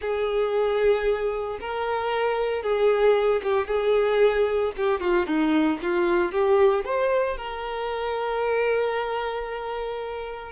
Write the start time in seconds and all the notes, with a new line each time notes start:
0.01 G#4
1.60 A#4
2.62 G#4
3.43 G4
3.67 G#4
4.76 G4
5.00 F4
5.26 D#4
5.82 F4
6.32 G4
6.84 C5
7.37 A#4